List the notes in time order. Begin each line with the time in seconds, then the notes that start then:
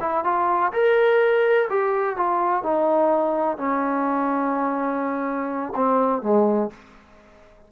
0.00 E4
0.24 F4
0.72 A#4
1.70 G4
2.16 F4
2.63 D#4
3.57 C#4
5.75 C4
6.22 G#3